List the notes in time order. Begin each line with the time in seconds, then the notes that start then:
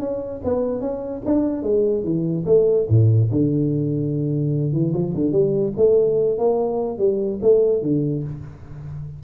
0.00 C#4
0.44 B3
0.81 C#4
1.26 D4
1.63 G#3
2.04 E3
2.46 A3
2.89 A2
3.31 D3
4.73 E3
4.93 F3
5.15 D3
5.32 G3
5.77 A3
6.38 A#3
6.98 G3
7.42 A3
7.82 D3